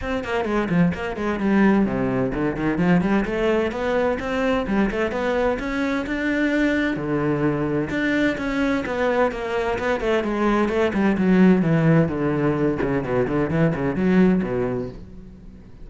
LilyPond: \new Staff \with { instrumentName = "cello" } { \time 4/4 \tempo 4 = 129 c'8 ais8 gis8 f8 ais8 gis8 g4 | c4 d8 dis8 f8 g8 a4 | b4 c'4 g8 a8 b4 | cis'4 d'2 d4~ |
d4 d'4 cis'4 b4 | ais4 b8 a8 gis4 a8 g8 | fis4 e4 d4. cis8 | b,8 d8 e8 cis8 fis4 b,4 | }